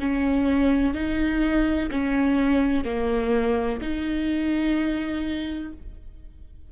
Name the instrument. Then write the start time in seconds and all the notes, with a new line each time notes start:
viola
0.00 C#4
0.94 D#4
1.91 C#4
2.85 A#3
3.82 D#4